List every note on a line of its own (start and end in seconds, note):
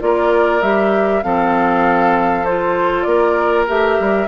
0.00 0.62 A#3
0.00 0.61 F4
0.00 1.25 A#4
0.00 0.62 D5
0.62 1.23 G3
0.62 1.23 G4
0.62 1.23 E5
1.23 3.06 F3
1.23 2.45 C4
1.23 3.08 A4
1.23 2.46 F5
2.46 3.67 F4
2.46 3.03 C5
3.03 3.67 A#3
3.03 4.28 A#4
3.03 3.64 D5
3.67 4.00 A3
3.67 4.28 G4
3.67 4.28 E5
4.00 4.28 G3